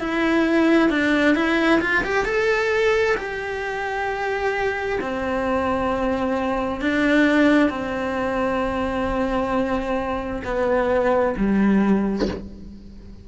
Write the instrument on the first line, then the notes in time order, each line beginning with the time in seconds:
cello
0.00 E4
0.90 D4
1.35 E4
1.81 F4
2.04 G4
2.25 A4
3.17 G4
5.01 C4
6.81 D4
7.70 C4
10.45 B3
11.37 G3